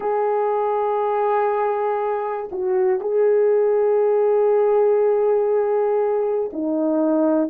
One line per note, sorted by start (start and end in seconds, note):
0.00 2.49 G#4
2.51 3.00 F#4
3.00 6.50 G#4
6.53 7.49 D#4